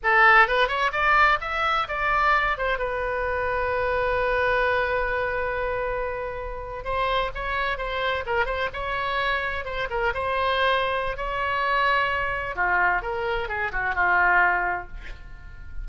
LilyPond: \new Staff \with { instrumentName = "oboe" } { \time 4/4 \tempo 4 = 129 a'4 b'8 cis''8 d''4 e''4 | d''4. c''8 b'2~ | b'1~ | b'2~ b'8. c''4 cis''16~ |
cis''8. c''4 ais'8 c''8 cis''4~ cis''16~ | cis''8. c''8 ais'8 c''2~ c''16 | cis''2. f'4 | ais'4 gis'8 fis'8 f'2 | }